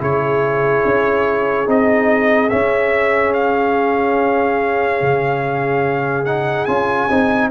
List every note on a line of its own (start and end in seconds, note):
0.00 0.84 C#3
0.00 1.67 E4
0.00 7.51 G#4
0.00 1.70 C#5
0.86 1.68 C#4
1.67 2.51 C4
1.67 2.50 D#4
1.67 2.50 D#5
2.50 6.26 C#4
2.50 5.02 C#4
2.50 3.33 E5
3.34 6.26 F5
5.02 6.68 C#3
6.26 6.68 D#4
6.26 6.66 F#5
6.66 7.10 C#4
6.66 7.09 F4
6.66 7.49 G#5
7.10 7.51 C4
7.10 7.51 D#4